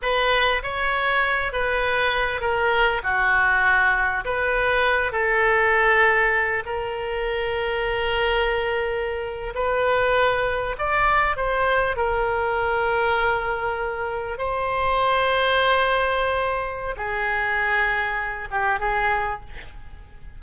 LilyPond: \new Staff \with { instrumentName = "oboe" } { \time 4/4 \tempo 4 = 99 b'4 cis''4. b'4. | ais'4 fis'2 b'4~ | b'8 a'2~ a'8 ais'4~ | ais'2.~ ais'8. b'16~ |
b'4.~ b'16 d''4 c''4 ais'16~ | ais'2.~ ais'8. c''16~ | c''1 | gis'2~ gis'8 g'8 gis'4 | }